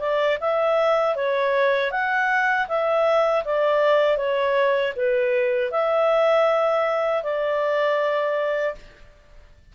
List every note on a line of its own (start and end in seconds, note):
0.00 0.38 D5
0.40 1.16 E5
1.16 1.91 C#5
1.91 2.67 F#5
2.68 3.44 E5
3.45 4.17 D5
4.17 4.93 C#5
4.96 5.71 B4
5.71 7.23 E5
7.23 8.75 D5